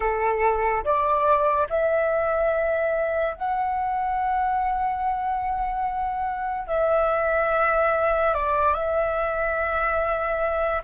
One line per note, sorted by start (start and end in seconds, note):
0.00 0.83 A4
0.84 1.67 D5
1.69 3.34 E5
3.34 6.67 F#5
6.67 8.33 E5
8.33 8.73 D5
8.73 10.82 E5